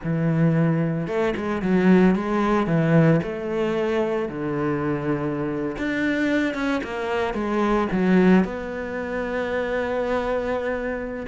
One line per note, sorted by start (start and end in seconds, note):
0.03 1.07 E3
1.07 1.34 A3
1.36 1.61 G#3
1.61 2.15 F#3
2.15 2.66 G#3
2.66 3.20 E3
3.22 4.29 A3
4.29 5.76 D3
5.78 6.54 D4
6.54 6.81 C#4
6.83 7.34 A#3
7.34 7.87 G#3
7.92 8.44 F#3
8.44 11.25 B3